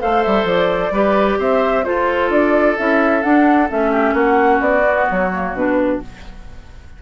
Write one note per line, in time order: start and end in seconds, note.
0.00 0.26 A3
0.00 0.92 A4
0.00 0.94 C5
0.00 0.24 F5
0.24 0.44 G3
0.24 0.47 E5
0.44 0.90 F3
0.44 1.40 D5
0.91 1.37 G3
0.91 1.84 G4
0.91 1.39 B4
1.39 1.85 C4
1.39 1.85 C5
1.39 1.85 E5
1.84 2.77 F4
1.84 2.30 F4
1.84 3.91 A4
1.84 2.31 C5
2.30 2.76 D4
2.30 2.77 D5
2.78 3.24 C#4
2.78 3.22 E4
2.78 3.23 E5
3.22 3.69 D4
3.22 3.70 D4
3.22 3.69 F#5
3.69 4.14 A3
3.69 4.83 C#4
3.69 4.17 E5
3.91 4.14 G4
4.14 4.60 A#3
4.14 5.99 F#4
4.14 4.62 F#5
4.60 5.06 B3
4.60 5.08 D5
4.83 5.30 B3
5.11 5.53 F#3
5.11 5.56 C#5
5.33 5.56 A#3
5.53 6.00 B2
5.53 6.02 D4
5.53 6.02 B4